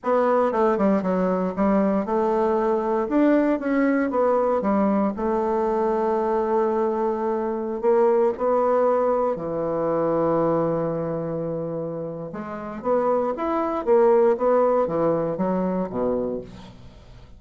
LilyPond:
\new Staff \with { instrumentName = "bassoon" } { \time 4/4 \tempo 4 = 117 b4 a8 g8 fis4 g4 | a2 d'4 cis'4 | b4 g4 a2~ | a2.~ a16 ais8.~ |
ais16 b2 e4.~ e16~ | e1 | gis4 b4 e'4 ais4 | b4 e4 fis4 b,4 | }